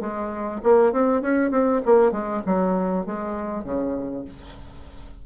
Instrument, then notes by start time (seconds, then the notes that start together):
bassoon
0.00 G#3
0.63 A#3
0.92 C4
1.21 C#4
1.50 C4
1.85 A#3
2.11 G#3
2.46 F#3
3.06 G#3
3.64 C#3